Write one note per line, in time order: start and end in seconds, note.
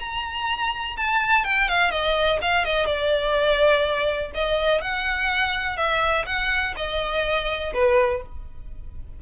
0.00 0.97 A#5
0.97 1.45 A5
1.45 1.69 G5
1.69 1.91 F5
1.91 2.40 D#5
2.42 2.65 F5
2.65 2.87 D#5
2.87 4.32 D5
4.35 4.82 D#5
4.82 5.77 F#5
5.77 6.26 E5
6.27 6.75 F#5
6.77 7.74 D#5
7.74 8.23 B4